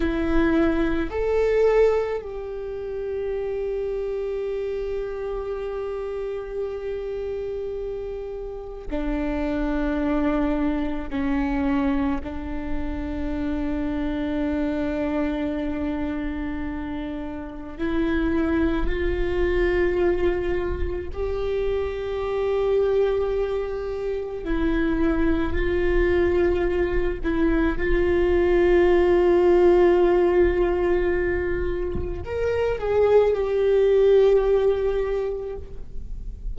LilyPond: \new Staff \with { instrumentName = "viola" } { \time 4/4 \tempo 4 = 54 e'4 a'4 g'2~ | g'1 | d'2 cis'4 d'4~ | d'1 |
e'4 f'2 g'4~ | g'2 e'4 f'4~ | f'8 e'8 f'2.~ | f'4 ais'8 gis'8 g'2 | }